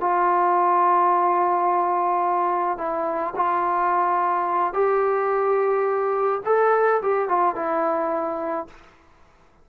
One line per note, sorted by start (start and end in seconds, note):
0.00 2.78 F4
2.78 3.34 E4
3.35 4.73 F4
4.73 6.41 G4
6.45 7.01 A4
7.02 7.28 G4
7.28 7.55 F4
7.55 8.67 E4